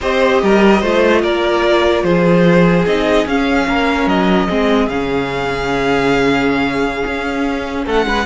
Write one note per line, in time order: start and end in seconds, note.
0.01 0.42 C4
0.01 0.82 G4
0.01 0.41 C5
0.01 1.24 D#5
0.42 0.82 G3
0.42 0.80 A#4
0.80 1.23 A3
0.80 2.86 F4
0.80 1.21 C5
1.22 2.03 A#3
1.22 2.03 A#4
1.22 2.03 D5
2.03 2.85 F3
2.03 3.67 G#4
2.03 2.85 C5
2.86 3.25 C4
2.86 3.27 D#4
2.86 3.27 D#5
3.25 3.66 C#4
3.25 4.48 C#4
3.25 4.08 F5
3.67 4.06 A#3
3.67 4.48 A#4
4.06 4.47 F#3
4.06 4.88 D#5
4.48 4.88 G#3
4.48 4.89 C4
4.48 7.85 G#4
4.88 7.02 C#3
4.88 8.25 C#4
4.88 7.84 F5
7.06 7.86 C#4
7.85 8.05 A3
7.85 8.06 A4
7.85 8.25 F#5
8.05 8.25 G#3
8.05 8.25 B4